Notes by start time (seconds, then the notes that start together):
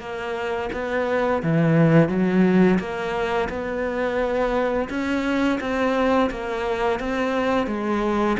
0.00 A#3
0.73 B3
1.43 E3
2.09 F#3
2.79 A#3
3.49 B3
4.90 C#4
5.60 C4
6.30 A#3
7.00 C4
7.67 G#3